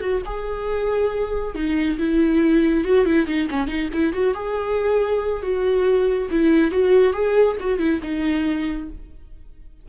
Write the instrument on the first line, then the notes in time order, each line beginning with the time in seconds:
viola
0.00 F#4
0.25 G#4
1.55 D#4
1.98 E4
2.84 F#4
3.05 E4
3.26 D#4
3.50 C#4
3.67 D#4
3.93 E4
4.13 F#4
4.34 G#4
5.42 F#4
6.31 E4
6.71 F#4
7.13 G#4
7.60 F#4
7.78 E4
8.02 D#4